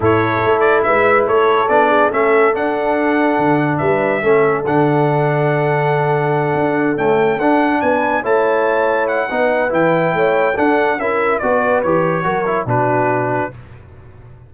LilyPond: <<
  \new Staff \with { instrumentName = "trumpet" } { \time 4/4 \tempo 4 = 142 cis''4. d''8 e''4 cis''4 | d''4 e''4 fis''2~ | fis''4 e''2 fis''4~ | fis''1~ |
fis''8 g''4 fis''4 gis''4 a''8~ | a''4. fis''4. g''4~ | g''4 fis''4 e''4 d''4 | cis''2 b'2 | }
  \new Staff \with { instrumentName = "horn" } { \time 4/4 a'2 b'4 a'4~ | a'8 gis'8 a'2.~ | a'4 b'4 a'2~ | a'1~ |
a'2~ a'8 b'4 cis''8~ | cis''2 b'2 | cis''4 a'4 ais'4 b'4~ | b'4 ais'4 fis'2 | }
  \new Staff \with { instrumentName = "trombone" } { \time 4/4 e'1 | d'4 cis'4 d'2~ | d'2 cis'4 d'4~ | d'1~ |
d'8 a4 d'2 e'8~ | e'2 dis'4 e'4~ | e'4 d'4 e'4 fis'4 | g'4 fis'8 e'8 d'2 | }
  \new Staff \with { instrumentName = "tuba" } { \time 4/4 a,4 a4 gis4 a4 | b4 a4 d'2 | d4 g4 a4 d4~ | d2.~ d8 d'8~ |
d'8 cis'4 d'4 b4 a8~ | a2 b4 e4 | a4 d'4 cis'4 b4 | e4 fis4 b,2 | }
>>